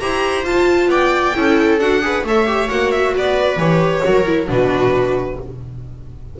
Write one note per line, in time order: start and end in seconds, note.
0.00 0.44 E4
0.00 0.44 G4
0.00 0.90 C5
0.00 0.45 A#5
0.44 1.34 F4
0.44 0.87 F4
0.44 0.90 A5
0.87 1.32 B3
0.87 1.35 D5
0.87 1.80 G5
1.34 1.80 C#4
1.34 1.79 E4
1.34 2.04 A4
1.80 2.24 D4
1.80 2.02 F#4
1.80 2.24 F#5
2.02 2.24 G#4
2.02 2.27 B4
2.24 2.69 A3
2.24 2.47 A4
2.24 3.15 C#5
2.24 2.70 E5
2.47 2.68 G4
2.68 3.15 A#3
2.68 3.58 F#4
2.68 2.92 F#5
2.92 3.14 E5
3.15 3.57 B3
3.15 4.04 B4
3.15 3.59 D5
3.57 4.01 E3
3.57 4.03 G4
3.57 4.48 C#5
4.03 4.49 F#3
4.03 4.25 F#4
4.03 4.50 A#4
4.26 4.47 E4
4.47 5.39 B2
4.47 5.37 D4
4.47 5.39 F#4
4.47 5.40 B4